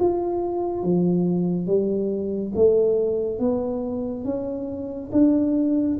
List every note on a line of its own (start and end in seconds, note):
0.00 0.83 F4
0.83 1.67 F3
1.67 2.52 G3
2.56 3.39 A3
3.39 4.24 B3
4.24 5.10 C#4
5.12 5.98 D4